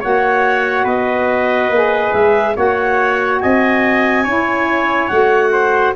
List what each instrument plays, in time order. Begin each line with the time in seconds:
0.00 tuba A#3, saxophone F#4, trumpet C#5, clarinet F#5
0.84 tuba B3, trumpet B4, clarinet D#5
1.69 tuba A#3, saxophone G#4
2.13 tuba G#3, clarinet E5
2.55 tuba A#3, saxophone F#4, trumpet C#5, clarinet F#5
3.40 tuba C4, trumpet D#5, clarinet G#5
4.23 tuba C#4, saxophone E4, trumpet C#5
5.08 tuba A3, saxophone F#4, clarinet F#5
5.52 trumpet C5